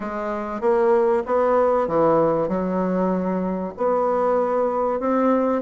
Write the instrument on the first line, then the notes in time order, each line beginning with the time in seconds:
bassoon
0.00 G#3
0.61 A#3
1.26 B3
1.87 E3
2.48 F#3
3.77 B3
5.00 C4